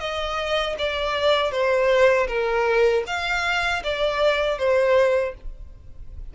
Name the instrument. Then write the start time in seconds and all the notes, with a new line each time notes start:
violin
0.00 D#5
0.79 D5
1.52 C5
2.28 A#4
3.07 F5
3.84 D5
4.58 C5